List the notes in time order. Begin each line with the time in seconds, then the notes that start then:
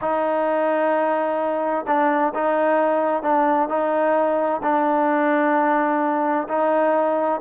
0.01 D#4
1.87 D4
2.34 D#4
3.23 D4
3.68 D#4
4.62 D4
6.48 D#4